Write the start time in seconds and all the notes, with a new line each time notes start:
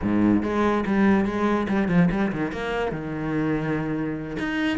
0.02 G#2
0.42 G#3
0.86 G3
1.25 G#3
1.68 G3
1.88 F3
2.11 G3
2.32 D#3
2.52 A#3
2.91 D#3
4.38 D#4